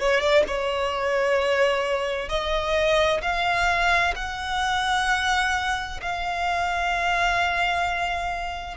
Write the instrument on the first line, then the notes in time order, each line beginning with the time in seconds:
violin
0.00 C#5
0.21 D5
0.47 C#5
2.30 D#5
3.22 F5
4.16 F#5
6.03 F5